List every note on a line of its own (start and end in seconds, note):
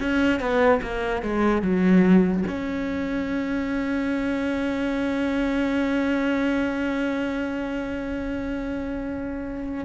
0.00 0.40 C#4
0.40 0.81 B3
0.82 1.22 A#3
1.22 1.62 G#3
1.62 2.44 F#3
2.47 9.84 C#4